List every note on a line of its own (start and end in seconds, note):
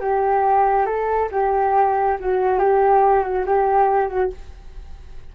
0.00 0.86 G4
0.86 1.29 A4
1.31 2.18 G4
2.20 2.59 F#4
2.59 3.23 G4
3.23 3.45 F#4
3.46 4.08 G4
4.08 4.30 F#4